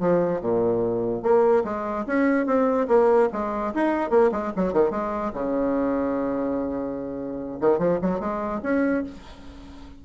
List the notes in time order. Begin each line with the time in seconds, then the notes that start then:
0.00 F3
0.41 A#2
1.23 A#3
1.64 G#3
2.07 C#4
2.46 C4
2.88 A#3
3.33 G#3
3.74 D#4
4.10 A#3
4.32 G#3
4.56 F#3
4.73 D#3
4.91 G#3
5.33 C#3
7.61 D#3
7.78 F3
8.02 F#3
8.20 G#3
8.63 C#4